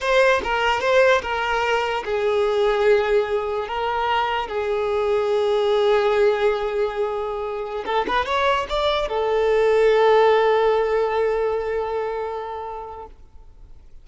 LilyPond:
\new Staff \with { instrumentName = "violin" } { \time 4/4 \tempo 4 = 147 c''4 ais'4 c''4 ais'4~ | ais'4 gis'2.~ | gis'4 ais'2 gis'4~ | gis'1~ |
gis'2.~ gis'16 a'8 b'16~ | b'16 cis''4 d''4 a'4.~ a'16~ | a'1~ | a'1 | }